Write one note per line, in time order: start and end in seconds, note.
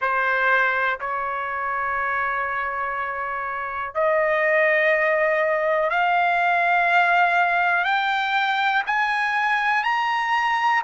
0.01 0.99 C5
1.00 3.94 C#5
3.94 5.90 D#5
5.90 7.84 F5
7.84 8.83 G5
8.86 9.83 G#5
9.83 10.82 A#5